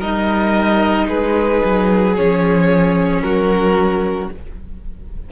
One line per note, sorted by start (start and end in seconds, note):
0.00 1.09 G3
0.00 2.16 D#4
0.00 1.07 A#4
0.00 1.08 D#5
1.08 1.63 G#3
1.08 3.23 G#4
1.08 2.16 B4
1.65 2.18 F#3
2.16 3.22 F3
2.16 4.30 C#4
2.16 3.22 C#5
3.22 4.29 F#3
3.22 4.32 F#4
3.22 4.29 A#4